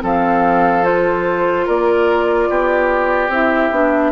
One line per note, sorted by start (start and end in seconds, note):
0.00 1.67 F3
0.00 0.82 C4
0.00 1.66 A4
0.00 0.84 F5
0.82 3.29 F4
0.82 1.66 C5
1.66 2.49 A#3
1.66 2.48 A#4
1.66 3.31 D5
2.49 3.28 B3
2.49 4.11 G4
3.28 3.69 C4
3.28 3.72 E4
3.28 4.11 E5
3.71 4.11 B3
3.71 4.11 D4